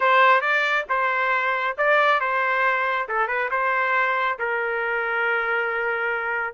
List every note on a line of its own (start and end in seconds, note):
0.00 0.41 C5
0.41 0.85 D5
0.89 1.76 C5
1.77 2.20 D5
2.20 3.08 C5
3.08 3.27 A4
3.27 3.49 B4
3.51 4.38 C5
4.39 6.54 A#4